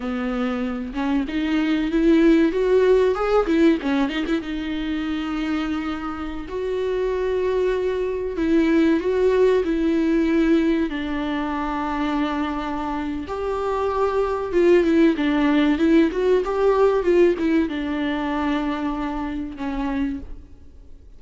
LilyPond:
\new Staff \with { instrumentName = "viola" } { \time 4/4 \tempo 4 = 95 b4. cis'8 dis'4 e'4 | fis'4 gis'8 e'8 cis'8 dis'16 e'16 dis'4~ | dis'2~ dis'16 fis'4.~ fis'16~ | fis'4~ fis'16 e'4 fis'4 e'8.~ |
e'4~ e'16 d'2~ d'8.~ | d'4 g'2 f'8 e'8 | d'4 e'8 fis'8 g'4 f'8 e'8 | d'2. cis'4 | }